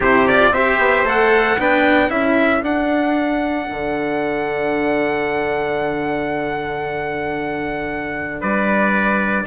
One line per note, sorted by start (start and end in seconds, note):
0.00 0.51 C3
0.00 0.28 E4
0.00 0.50 G4
0.00 0.27 C5
0.27 0.54 F4
0.27 0.53 D5
0.51 0.77 C4
0.51 1.05 G4
0.51 1.58 C5
0.51 1.06 E5
0.78 1.04 B3
1.04 1.56 A3
1.04 1.57 A4
1.04 1.60 F#5
1.57 2.09 B3
1.57 2.09 D4
1.57 2.10 B4
1.57 2.10 G5
2.09 2.61 C#4
2.09 2.60 E4
2.09 8.40 A4
2.09 2.63 E5
2.60 9.44 D4
2.60 3.67 D4
2.60 8.42 F#5
3.70 8.42 D3
8.40 9.46 G3
8.40 9.45 B4
8.40 9.46 D5